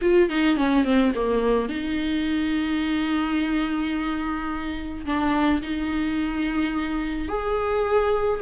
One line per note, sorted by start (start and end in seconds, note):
0.01 0.29 F4
0.29 0.56 D#4
0.56 0.84 C#4
0.84 1.12 C4
1.14 1.68 A#3
1.68 5.05 D#4
5.05 5.61 D4
5.62 7.28 D#4
7.28 8.40 G#4